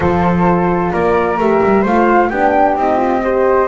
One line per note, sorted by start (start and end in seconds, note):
0.00 0.91 F3
0.00 1.38 F4
0.00 0.92 A4
0.00 0.92 C5
0.92 1.37 A#3
0.92 1.81 A#4
0.92 1.38 D5
1.37 1.60 A3
1.37 1.86 G4
1.37 1.85 E5
1.63 1.85 G3
1.81 2.30 A3
1.81 2.32 F4
1.81 2.27 C5
1.81 2.29 F5
2.29 2.76 B3
2.29 2.77 D4
2.29 3.22 G4
2.29 2.75 G5
2.76 3.68 C4
2.76 2.96 D#4
2.76 3.68 D#5
2.96 3.20 F4
3.23 3.68 G4
3.23 3.68 C5